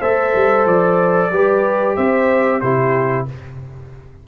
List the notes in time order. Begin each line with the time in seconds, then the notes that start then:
0.00 A3 A4 C5 E5
0.35 G3
0.66 F3 D5
1.30 G3 G4 B4
1.96 C4 C5 E5
2.60 C3 E4 G4 C5